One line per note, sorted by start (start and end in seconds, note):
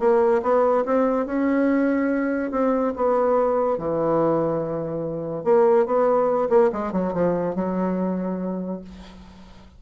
0.00 0.42 A#3
0.43 0.85 B3
0.85 1.26 C4
1.26 2.51 C#4
2.51 2.93 C4
2.96 3.78 B3
3.78 5.44 E3
5.44 5.86 A#3
5.86 6.49 B3
6.50 6.71 A#3
6.72 6.93 G#3
6.93 7.13 F#3
7.13 7.55 F3
7.55 8.81 F#3